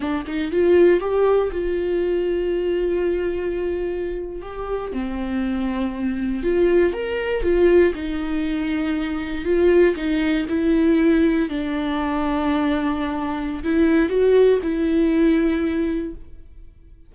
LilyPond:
\new Staff \with { instrumentName = "viola" } { \time 4/4 \tempo 4 = 119 d'8 dis'8 f'4 g'4 f'4~ | f'1~ | f'8. g'4 c'2~ c'16~ | c'8. f'4 ais'4 f'4 dis'16~ |
dis'2~ dis'8. f'4 dis'16~ | dis'8. e'2 d'4~ d'16~ | d'2. e'4 | fis'4 e'2. | }